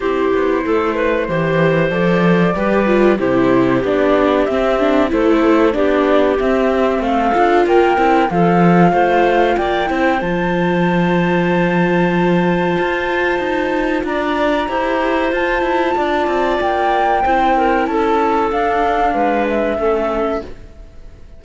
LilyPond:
<<
  \new Staff \with { instrumentName = "flute" } { \time 4/4 \tempo 4 = 94 c''2. d''4~ | d''4 c''4 d''4 e''4 | c''4 d''4 e''4 f''4 | g''4 f''2 g''4 |
a''1~ | a''2 ais''2 | a''2 g''2 | a''4 f''4. e''4. | }
  \new Staff \with { instrumentName = "clarinet" } { \time 4/4 g'4 a'8 b'8 c''2 | b'4 g'2. | a'4 g'2 a'4 | ais'4 a'4 c''4 d''8 c''8~ |
c''1~ | c''2 d''4 c''4~ | c''4 d''2 c''8 ais'8 | a'2 b'4 a'4 | }
  \new Staff \with { instrumentName = "viola" } { \time 4/4 e'2 g'4 a'4 | g'8 f'8 e'4 d'4 c'8 d'8 | e'4 d'4 c'4. f'8~ | f'8 e'8 f'2~ f'8 e'8 |
f'1~ | f'2. g'4 | f'2. e'4~ | e'4 d'2 cis'4 | }
  \new Staff \with { instrumentName = "cello" } { \time 4/4 c'8 b8 a4 e4 f4 | g4 c4 b4 c'4 | a4 b4 c'4 a8 d'8 | ais8 c'8 f4 a4 ais8 c'8 |
f1 | f'4 dis'4 d'4 e'4 | f'8 e'8 d'8 c'8 ais4 c'4 | cis'4 d'4 gis4 a4 | }
>>